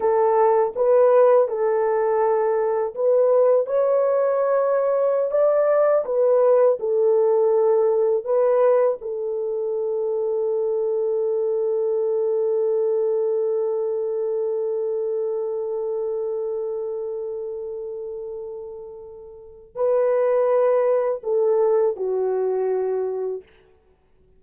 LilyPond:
\new Staff \with { instrumentName = "horn" } { \time 4/4 \tempo 4 = 82 a'4 b'4 a'2 | b'4 cis''2~ cis''16 d''8.~ | d''16 b'4 a'2 b'8.~ | b'16 a'2.~ a'8.~ |
a'1~ | a'1~ | a'2. b'4~ | b'4 a'4 fis'2 | }